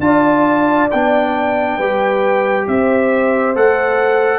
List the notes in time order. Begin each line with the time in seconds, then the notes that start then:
0.00 D4 F4 D5 A5
0.91 B3 D4 G5
1.77 G3 G4 B4
2.68 C4 C5 E5
3.56 A3 A4 F#5